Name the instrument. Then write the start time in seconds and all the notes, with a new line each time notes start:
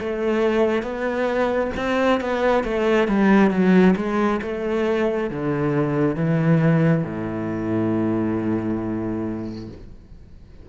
cello
0.00 A3
0.83 B3
1.77 C4
2.21 B3
2.64 A3
3.08 G3
3.51 F#3
3.97 G#3
4.42 A3
5.31 D3
6.16 E3
7.04 A2